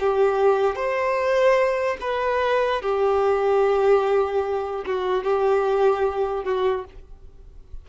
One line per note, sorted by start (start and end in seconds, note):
0.00 0.76 G4
0.76 1.98 C5
2.01 2.82 B4
2.82 4.85 G4
4.86 5.24 F#4
5.24 6.45 G4
6.45 6.85 F#4